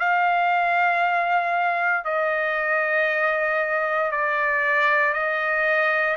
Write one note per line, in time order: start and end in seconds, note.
0.00 2.05 F5
2.05 4.12 D#5
4.12 5.14 D5
5.14 6.17 D#5